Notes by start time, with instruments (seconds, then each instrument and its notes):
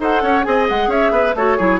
0.00 bassoon D#4, clarinet A4, oboe C5, flute F#5
0.23 bassoon C#4, oboe C#5
0.43 bassoon C4, clarinet G#4, oboe D#5, flute G#5
0.69 bassoon G#3, flute F#5
0.88 bassoon C#4, oboe C#5, flute E5
1.11 bassoon B3, oboe B4
1.36 bassoon A3, clarinet F#4, oboe A4, flute C#5
1.58 bassoon F#3, clarinet E4, oboe G#4